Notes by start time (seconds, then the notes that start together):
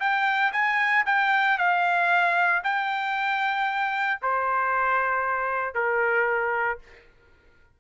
0.00 G5
0.53 G#5
1.06 G5
1.58 F5
2.64 G5
4.22 C5
5.74 A#4